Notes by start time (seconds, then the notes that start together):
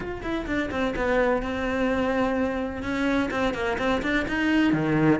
0.00 F4
0.22 E4
0.46 D4
0.70 C4
0.96 B3
1.42 C4
2.82 C#4
3.30 C4
3.53 A#3
3.78 C4
4.02 D4
4.28 D#4
4.72 D#3